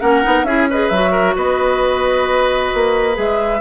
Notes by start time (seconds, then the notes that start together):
0.00 A#3 C#4 A#4 F#5
0.23 B3 D#4
0.43 C#4 E4 G#4 E5
0.70 G#4 B4 D#5
0.89 F#3 F#4 E5
1.11 A#4
1.36 B3 B4 D#5
2.74 A#3
3.14 G#3 G#4 E5